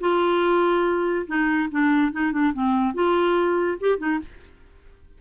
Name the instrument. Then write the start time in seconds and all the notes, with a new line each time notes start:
clarinet
0.00 F4
1.27 D#4
1.71 D4
2.12 D#4
2.32 D4
2.53 C4
2.94 F4
3.80 G4
3.98 D#4